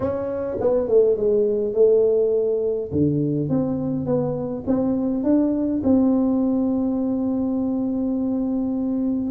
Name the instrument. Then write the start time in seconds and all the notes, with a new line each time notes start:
tuba
0.00 C#4
0.60 B3
0.88 A3
1.17 G#3
1.73 A3
2.92 D3
3.49 C4
4.05 B3
4.66 C4
5.23 D4
5.83 C4